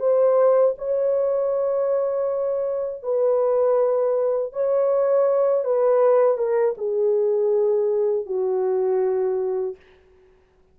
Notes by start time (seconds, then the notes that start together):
0.00 C5
0.78 C#5
3.03 B4
4.53 C#5
5.65 B4
6.38 A#4
6.78 G#4
8.26 F#4